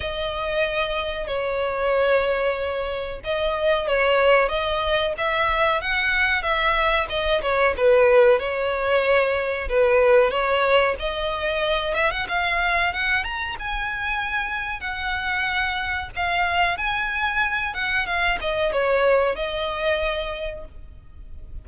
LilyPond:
\new Staff \with { instrumentName = "violin" } { \time 4/4 \tempo 4 = 93 dis''2 cis''2~ | cis''4 dis''4 cis''4 dis''4 | e''4 fis''4 e''4 dis''8 cis''8 | b'4 cis''2 b'4 |
cis''4 dis''4. e''16 fis''16 f''4 | fis''8 ais''8 gis''2 fis''4~ | fis''4 f''4 gis''4. fis''8 | f''8 dis''8 cis''4 dis''2 | }